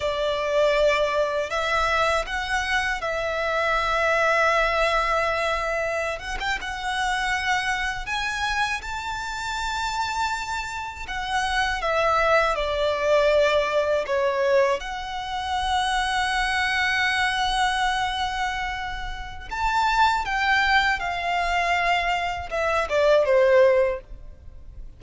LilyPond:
\new Staff \with { instrumentName = "violin" } { \time 4/4 \tempo 4 = 80 d''2 e''4 fis''4 | e''1~ | e''16 fis''16 g''16 fis''2 gis''4 a''16~ | a''2~ a''8. fis''4 e''16~ |
e''8. d''2 cis''4 fis''16~ | fis''1~ | fis''2 a''4 g''4 | f''2 e''8 d''8 c''4 | }